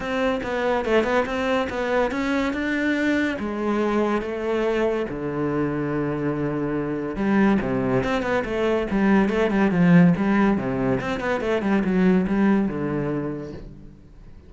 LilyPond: \new Staff \with { instrumentName = "cello" } { \time 4/4 \tempo 4 = 142 c'4 b4 a8 b8 c'4 | b4 cis'4 d'2 | gis2 a2 | d1~ |
d4 g4 c4 c'8 b8 | a4 g4 a8 g8 f4 | g4 c4 c'8 b8 a8 g8 | fis4 g4 d2 | }